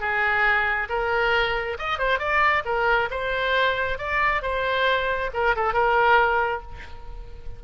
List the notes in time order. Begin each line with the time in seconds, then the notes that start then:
0.00 G#4
0.89 A#4
1.78 D#5
1.99 C5
2.19 D5
2.65 A#4
3.11 C5
3.98 D5
4.42 C5
5.33 A#4
5.56 A4
5.73 A#4